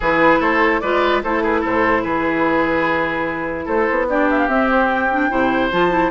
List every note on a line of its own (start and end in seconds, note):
0.00 0.40 E3
0.00 0.83 E4
0.00 0.39 G#4
0.00 0.41 B4
0.39 0.81 A3
0.39 0.80 A4
0.39 0.80 C5
0.80 1.23 G#3
0.80 1.24 F4
0.80 1.22 B4
0.80 1.21 D5
1.23 1.64 A3
1.23 4.09 E4
1.23 1.42 A4
1.23 1.43 C5
1.42 1.60 G#4
1.42 1.64 B4
1.60 2.04 A2
1.60 2.01 A4
1.60 2.03 C5
2.03 3.67 E3
2.03 3.65 G#4
2.03 3.66 B4
3.65 3.87 A3
3.65 4.06 A4
3.65 4.08 C5
3.90 4.48 B3
4.09 4.48 D4
4.09 5.31 G4
4.09 4.29 D5
4.30 4.39 E5
4.39 4.48 F5
4.48 5.29 C4
4.48 5.10 C4
4.48 4.69 E5
4.70 4.89 C5
4.89 5.70 G5
5.11 5.30 D4
5.30 5.71 C3
5.30 5.70 E4
5.30 6.10 C5
5.71 6.10 F3
5.71 5.90 F4
5.71 6.10 A5
5.90 6.10 E4